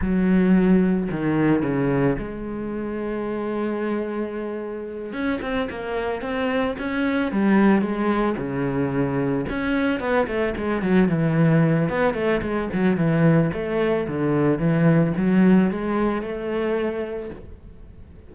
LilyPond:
\new Staff \with { instrumentName = "cello" } { \time 4/4 \tempo 4 = 111 fis2 dis4 cis4 | gis1~ | gis4. cis'8 c'8 ais4 c'8~ | c'8 cis'4 g4 gis4 cis8~ |
cis4. cis'4 b8 a8 gis8 | fis8 e4. b8 a8 gis8 fis8 | e4 a4 d4 e4 | fis4 gis4 a2 | }